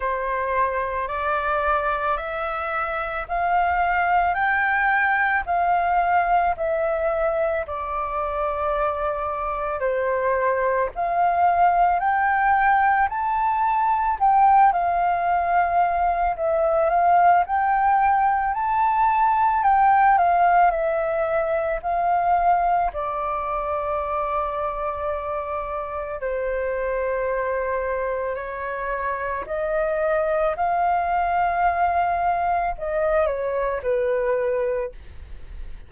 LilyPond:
\new Staff \with { instrumentName = "flute" } { \time 4/4 \tempo 4 = 55 c''4 d''4 e''4 f''4 | g''4 f''4 e''4 d''4~ | d''4 c''4 f''4 g''4 | a''4 g''8 f''4. e''8 f''8 |
g''4 a''4 g''8 f''8 e''4 | f''4 d''2. | c''2 cis''4 dis''4 | f''2 dis''8 cis''8 b'4 | }